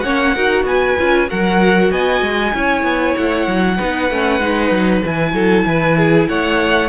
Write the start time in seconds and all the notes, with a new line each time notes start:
0.00 A#3 C#4 C#5 F#5
0.34 D#4 F#4 A#4
0.63 B3 B4 G#5
0.99 C#4 F4
1.27 F#3 F#4 A#4 F#5
1.91 B3 D#5 G#5
2.21 G#3
2.52 C#4 E4 C#5
2.83 B3
3.16 A3 F#5
3.47 F#3
3.76 B3 D#4 B4
4.10 A3 C#4
4.40 G#3 D#4
4.71 F#3
5.04 E3 E4 G#5
5.33 F#3 A4
5.65 E3 B4
5.97 G#4
6.28 A3 C#5 F#5